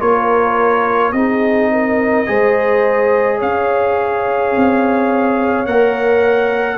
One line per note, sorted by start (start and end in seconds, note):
0.00 1.12 A#3
0.00 1.13 F4
0.00 1.14 A#4
0.00 1.12 C#5
1.12 2.25 C4
1.12 2.26 D#4
1.12 1.71 G#4
1.12 3.39 D#5
1.72 2.28 A#4
2.26 3.42 G#3
2.26 5.66 G#4
2.26 3.38 C5
3.38 4.55 C#4
3.38 6.78 C#5
3.38 5.66 F5
4.56 5.66 C4
5.66 6.78 A#3
5.66 6.78 A#4
5.66 6.78 F#5